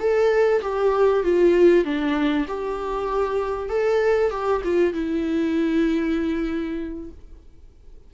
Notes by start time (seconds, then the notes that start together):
0.00 A4
0.62 G4
1.24 F4
1.85 D4
2.48 G4
3.69 A4
4.31 G4
4.65 F4
4.94 E4